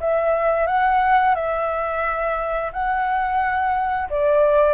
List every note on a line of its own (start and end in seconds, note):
0.00 0.67 E5
0.67 1.35 F#5
1.35 2.71 E5
2.72 4.09 F#5
4.10 4.74 D5